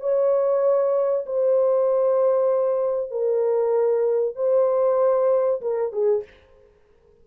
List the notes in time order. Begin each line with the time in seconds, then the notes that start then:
0.00 C#5
1.26 C5
3.11 A#4
4.36 C5
5.61 A#4
5.92 G#4